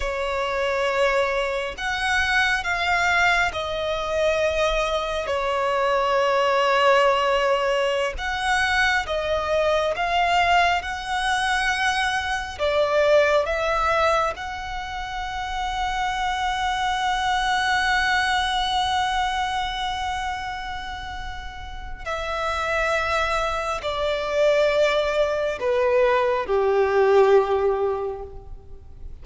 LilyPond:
\new Staff \with { instrumentName = "violin" } { \time 4/4 \tempo 4 = 68 cis''2 fis''4 f''4 | dis''2 cis''2~ | cis''4~ cis''16 fis''4 dis''4 f''8.~ | f''16 fis''2 d''4 e''8.~ |
e''16 fis''2.~ fis''8.~ | fis''1~ | fis''4 e''2 d''4~ | d''4 b'4 g'2 | }